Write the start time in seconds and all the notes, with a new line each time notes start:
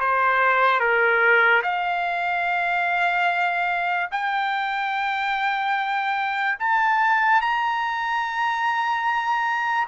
0.00 C5
0.80 A#4
1.63 F5
4.11 G5
6.59 A5
7.41 A#5